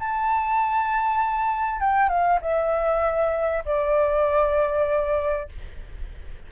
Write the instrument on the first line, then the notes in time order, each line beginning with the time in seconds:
flute
0.00 A5
1.81 G5
2.09 F5
2.42 E5
3.66 D5